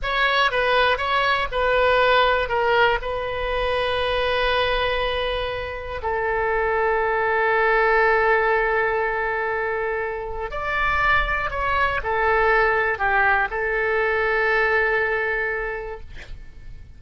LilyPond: \new Staff \with { instrumentName = "oboe" } { \time 4/4 \tempo 4 = 120 cis''4 b'4 cis''4 b'4~ | b'4 ais'4 b'2~ | b'1 | a'1~ |
a'1~ | a'4 d''2 cis''4 | a'2 g'4 a'4~ | a'1 | }